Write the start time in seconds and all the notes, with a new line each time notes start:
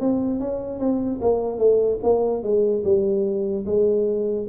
0.00 C4
0.40 C#4
0.79 C4
1.21 A#3
1.58 A3
2.03 A#3
2.43 G#3
2.84 G3
3.66 G#3